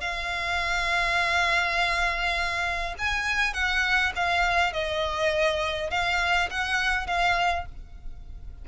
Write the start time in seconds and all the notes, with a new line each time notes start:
0.00 F5
2.98 G#5
3.53 F#5
4.15 F5
4.73 D#5
5.90 F5
6.50 F#5
7.07 F5